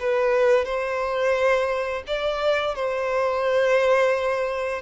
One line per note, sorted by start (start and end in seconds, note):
0.00 0.66 B4
0.66 2.03 C5
2.07 2.76 D5
2.76 4.82 C5